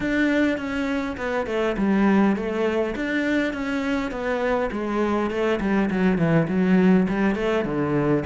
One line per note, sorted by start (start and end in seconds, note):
0.00 0.57 D4
0.57 1.16 C#4
1.17 1.46 B3
1.46 1.75 A3
1.77 2.36 G3
2.36 2.94 A3
2.95 3.53 D4
3.53 4.11 C#4
4.11 4.70 B3
4.71 5.30 G#3
5.30 5.59 A3
5.60 5.89 G3
5.90 6.17 F#3
6.17 6.47 E3
6.48 7.07 F#3
7.08 7.35 G3
7.35 7.64 A3
7.65 8.24 D3